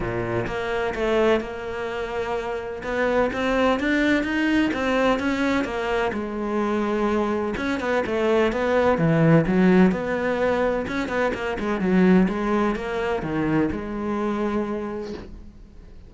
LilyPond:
\new Staff \with { instrumentName = "cello" } { \time 4/4 \tempo 4 = 127 ais,4 ais4 a4 ais4~ | ais2 b4 c'4 | d'4 dis'4 c'4 cis'4 | ais4 gis2. |
cis'8 b8 a4 b4 e4 | fis4 b2 cis'8 b8 | ais8 gis8 fis4 gis4 ais4 | dis4 gis2. | }